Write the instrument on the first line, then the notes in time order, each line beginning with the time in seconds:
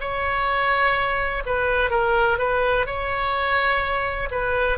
oboe
0.00 C#5
1.45 B4
1.90 A#4
2.38 B4
2.86 C#5
4.31 B4